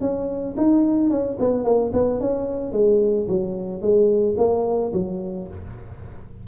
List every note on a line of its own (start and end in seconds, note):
0.00 0.55 C#4
0.57 1.10 D#4
1.10 1.37 C#4
1.39 1.64 B3
1.64 1.91 A#3
1.93 2.20 B3
2.20 2.72 C#4
2.72 3.27 G#3
3.28 3.81 F#3
3.81 4.35 G#3
4.37 4.92 A#3
4.93 5.47 F#3